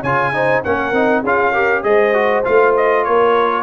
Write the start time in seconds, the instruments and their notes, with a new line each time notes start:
0.00 tuba C#3, trombone F4, horn C#5, trumpet G#5
0.33 trombone D#4, horn C5
0.64 tuba A#3, trombone C#4, horn A#4, trumpet F#5
0.92 tuba C4, trombone D#4
1.22 tuba C#4, trombone F4, horn G#4, trumpet F5
1.52 trombone G4, horn A#4
1.83 tuba G#3, trombone G#4, horn C5, trumpet D#5
2.13 trombone F#4
2.44 tuba A3, trombone F4, trumpet F5
2.77 trumpet D#5
3.04 tuba A#3, horn A#4, trumpet C#5